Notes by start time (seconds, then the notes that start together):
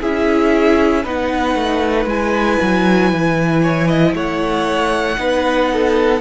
0.00 C#4 E4 G#4 E5
1.03 B3 D#4 B4 F#5
1.55 A3
2.06 G#3 E4 G#5
2.62 F#3
3.13 E3
3.62 C#5
3.88 D#5
4.14 A3 C#5 F#5
5.17 B3 D#4 B4
5.73 A4